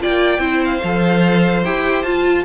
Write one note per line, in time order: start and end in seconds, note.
0.00 0.38 A#3
0.00 0.39 F4
0.00 0.41 D5
0.00 0.64 G5
0.38 0.79 C4
0.38 0.80 E4
0.38 2.45 C5
0.64 1.65 F5
0.84 1.65 F3
0.84 1.65 A4
1.65 2.04 E4
1.65 2.05 G4
1.65 2.03 G5
2.03 2.45 F4
2.03 2.44 A5